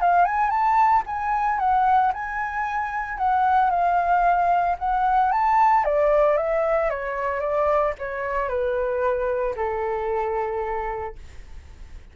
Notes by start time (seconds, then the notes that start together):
0.00 F5
0.24 G#5
0.49 A5
1.06 G#5
1.59 F#5
2.13 G#5
3.17 F#5
3.70 F5
4.78 F#5
5.31 A5
5.84 D5
6.36 E5
6.89 C#5
7.40 D5
7.98 C#5
8.48 B4
9.56 A4